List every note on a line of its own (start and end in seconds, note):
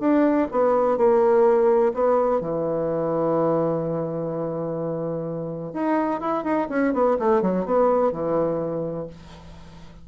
0.00 0.48 D4
0.52 0.98 B3
0.98 1.93 A#3
1.94 2.41 B3
2.41 5.74 E3
5.74 6.21 D#4
6.21 6.44 E4
6.44 6.68 D#4
6.69 6.93 C#4
6.94 7.17 B3
7.19 7.42 A3
7.42 7.66 F#3
7.66 8.12 B3
8.12 9.07 E3